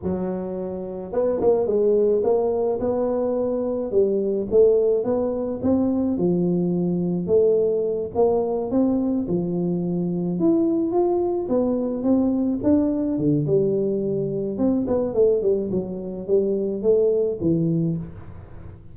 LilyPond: \new Staff \with { instrumentName = "tuba" } { \time 4/4 \tempo 4 = 107 fis2 b8 ais8 gis4 | ais4 b2 g4 | a4 b4 c'4 f4~ | f4 a4. ais4 c'8~ |
c'8 f2 e'4 f'8~ | f'8 b4 c'4 d'4 d8 | g2 c'8 b8 a8 g8 | fis4 g4 a4 e4 | }